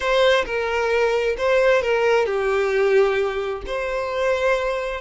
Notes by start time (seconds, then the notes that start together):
0.00 C5
0.45 A#4
1.37 C5
1.82 A#4
2.26 G4
3.66 C5